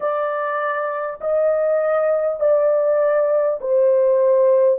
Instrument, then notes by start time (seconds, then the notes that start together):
horn
0.00 D5
1.21 D#5
2.40 D5
3.60 C5